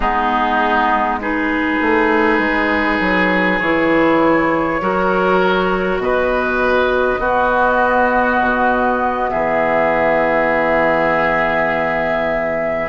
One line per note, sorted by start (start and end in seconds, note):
0.00 1.79 G#3
0.00 1.21 B3
0.00 1.19 D#4
0.00 1.17 G#4
1.21 3.60 D#4
1.21 4.81 G#4
1.21 3.59 B4
1.81 2.39 A3
2.39 2.98 G#3
3.00 3.60 F#3
3.59 4.80 E3
3.59 4.80 E4
3.59 5.99 C#5
4.80 5.98 F#3
4.80 7.20 F#4
4.80 6.02 A#4
5.98 7.17 B2
5.98 7.20 B4
5.98 9.30 D#5
7.18 8.38 B3
7.18 12.88 B3
7.18 9.29 F#4
8.40 9.30 B2
9.30 12.88 E3
9.30 12.88 G#4
9.30 12.88 E5